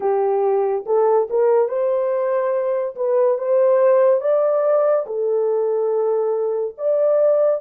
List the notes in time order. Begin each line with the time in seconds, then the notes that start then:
0.00 G4
0.86 A4
1.29 A#4
1.68 C5
2.95 B4
3.38 C5
4.21 D5
5.06 A4
6.77 D5